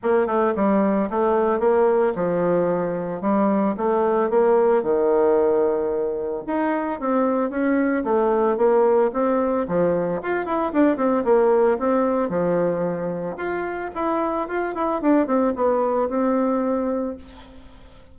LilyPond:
\new Staff \with { instrumentName = "bassoon" } { \time 4/4 \tempo 4 = 112 ais8 a8 g4 a4 ais4 | f2 g4 a4 | ais4 dis2. | dis'4 c'4 cis'4 a4 |
ais4 c'4 f4 f'8 e'8 | d'8 c'8 ais4 c'4 f4~ | f4 f'4 e'4 f'8 e'8 | d'8 c'8 b4 c'2 | }